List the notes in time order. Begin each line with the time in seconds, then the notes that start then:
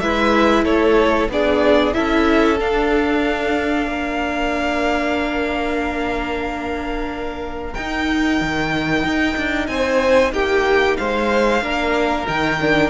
0.00 G#3 E4 B4 E5
0.65 A3 A4 C#5
1.29 B3 D4 G#4 D5
1.93 C#4 E4 A4 E5
2.59 D4 F5
3.87 A#3 A#4
7.74 D#4 G5
8.41 D#3
9.04 D#4
9.37 D4
9.67 C4 C5 G#5
10.32 A#3 G4 G5
10.97 G#3 C5 F5
11.62 A#3 D4 A#4
12.27 D#3 D#4 G5
12.61 D4